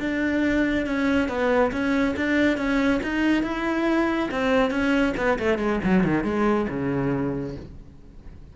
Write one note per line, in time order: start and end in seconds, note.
0.00 0.86 D4
0.86 1.29 C#4
1.29 1.72 B3
1.72 2.15 C#4
2.17 2.58 D4
2.58 3.01 C#4
3.03 3.43 D#4
3.43 4.29 E4
4.31 4.71 C4
4.71 5.14 C#4
5.17 5.39 B3
5.39 5.59 A3
5.59 5.80 G#3
5.84 6.04 F#3
6.04 6.24 D#3
6.24 6.67 G#3
6.70 7.56 C#3